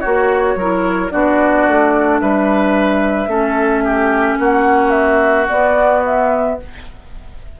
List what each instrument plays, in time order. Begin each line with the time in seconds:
0.00 bassoon A#3, oboe F#4, clarinet F#4, flute C#5
0.55 bassoon F#3, clarinet E4, oboe A#4
1.10 bassoon B3, clarinet D4, oboe F#4, flute D5
1.68 bassoon A3
2.20 bassoon G3, oboe B4, flute E5
3.27 bassoon A3, clarinet C#4, oboe A4
3.84 oboe G4
4.38 bassoon A#3, oboe F#4, flute F#5
4.91 flute E5
5.48 clarinet B3, bassoon B3, flute D5
6.05 flute E5